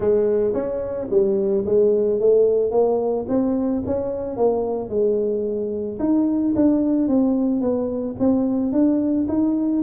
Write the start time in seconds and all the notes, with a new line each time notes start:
0.00 G#3
0.53 C#4
1.10 G3
1.65 G#3
2.20 A3
2.71 A#3
3.28 C4
3.86 C#4
4.36 A#3
4.89 G#3
5.99 D#4
6.55 D4
7.08 C4
7.61 B3
8.19 C4
8.72 D4
9.28 D#4